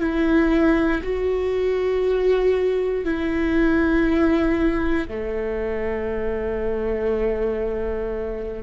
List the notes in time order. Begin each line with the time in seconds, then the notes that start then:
0.00 E4
1.03 F#4
3.05 E4
5.08 A3